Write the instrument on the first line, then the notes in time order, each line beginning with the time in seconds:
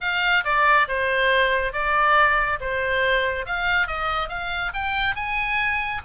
oboe
0.00 F5
0.44 D5
0.88 C5
1.73 D5
2.60 C5
3.45 F5
3.87 D#5
4.29 F5
4.73 G5
5.15 G#5